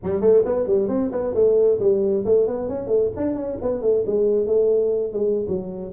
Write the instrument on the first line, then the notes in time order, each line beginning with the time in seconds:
tuba
0.03 G3
0.21 A3
0.45 B3
0.66 G3
0.88 C4
1.11 B3
1.34 A3
1.79 G3
2.25 A3
2.47 B3
2.68 C#4
2.87 A3
3.16 D4
3.35 C#4
3.61 B3
3.81 A3
4.06 G#3
4.46 A3
5.12 G#3
5.48 F#3